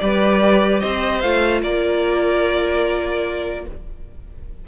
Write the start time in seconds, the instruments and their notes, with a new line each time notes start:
0.00 cello G3, viola G4, violin B4 D5
0.81 cello C4, violin C5 D#5
1.21 cello A3, viola F4, violin F5
1.63 cello A#3, violin A#4 D5